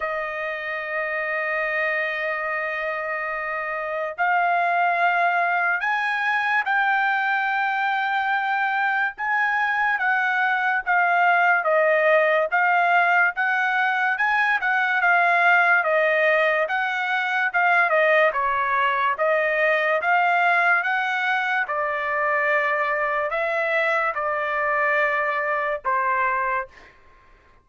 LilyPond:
\new Staff \with { instrumentName = "trumpet" } { \time 4/4 \tempo 4 = 72 dis''1~ | dis''4 f''2 gis''4 | g''2. gis''4 | fis''4 f''4 dis''4 f''4 |
fis''4 gis''8 fis''8 f''4 dis''4 | fis''4 f''8 dis''8 cis''4 dis''4 | f''4 fis''4 d''2 | e''4 d''2 c''4 | }